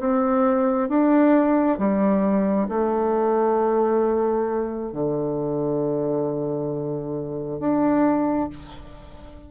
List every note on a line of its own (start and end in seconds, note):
0.00 0.89 C4
0.89 1.79 D4
1.79 2.68 G3
2.69 4.93 A3
4.93 7.60 D3
7.60 8.50 D4